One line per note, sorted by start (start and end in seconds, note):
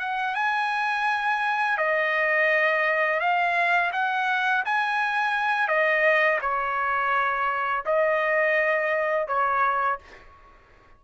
0.00 0.35 F#5
0.35 1.78 G#5
1.78 3.20 D#5
3.20 3.92 F5
3.93 4.64 F#5
4.66 5.68 G#5
5.68 6.40 D#5
6.41 7.84 C#5
7.86 9.28 D#5
9.28 9.99 C#5